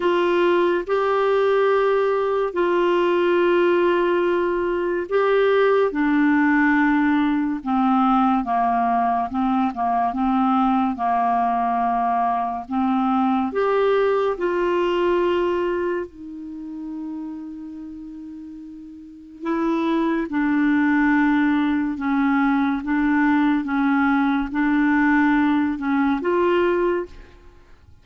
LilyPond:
\new Staff \with { instrumentName = "clarinet" } { \time 4/4 \tempo 4 = 71 f'4 g'2 f'4~ | f'2 g'4 d'4~ | d'4 c'4 ais4 c'8 ais8 | c'4 ais2 c'4 |
g'4 f'2 dis'4~ | dis'2. e'4 | d'2 cis'4 d'4 | cis'4 d'4. cis'8 f'4 | }